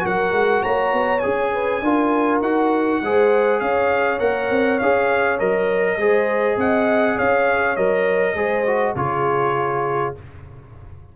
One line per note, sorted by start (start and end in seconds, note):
0.00 0.32 F#3
0.00 1.19 F#4
0.00 0.63 A#4
0.06 0.63 F#5
0.32 0.62 G#3
0.63 0.93 A#3
0.63 1.52 C#5
0.63 1.20 A#5
0.93 1.23 B3
1.20 1.82 C#4
1.20 1.83 G#4
1.20 2.38 G#5
1.53 1.83 B4
1.82 2.41 D4
1.82 2.44 F4
1.82 3.03 A#4
2.41 3.01 D#4
2.41 3.03 F#4
2.41 3.60 F#5
3.03 3.61 G#3
3.03 4.20 G#4
3.03 3.61 C5
3.60 4.21 C#4
3.60 5.98 C#5
3.60 4.19 F5
4.20 4.50 A#3
4.20 4.79 A#4
4.20 4.79 F#5
4.50 4.80 C4
4.79 5.41 C#4
4.79 5.39 G#4
4.79 5.39 F5
5.39 5.97 F#3
5.39 5.99 A#4
5.39 6.58 D#5
5.97 6.57 G#3
5.97 7.77 G#4
5.97 6.58 C5
6.57 7.16 C4
6.57 7.16 D#5
6.57 7.19 F#5
7.16 7.77 C#4
7.16 8.35 C#5
7.16 7.77 F5
7.77 8.35 F#3
7.77 8.36 A#4
7.77 8.96 D#5
8.35 8.94 G#3
8.35 8.66 G#4
8.35 8.95 C5
8.67 8.96 F#4
8.96 10.14 C#3
8.96 10.15 F4
8.96 10.16 G#4
8.96 10.15 C#5